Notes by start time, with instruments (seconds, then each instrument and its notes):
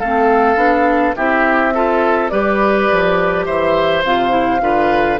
0.00 bassoon A3, clarinet C4, oboe A4, flute F5
0.56 bassoon B3, clarinet D4
1.16 bassoon C4, clarinet E4, oboe G4, flute E5
1.75 clarinet F4, oboe A4
2.29 bassoon G3, clarinet G4, oboe B4, flute D5
2.91 bassoon F3
3.46 bassoon E3, oboe C5, flute E5
4.04 bassoon C3, clarinet F4, flute F5
4.30 clarinet E4
4.61 bassoon D3, clarinet F4, oboe B4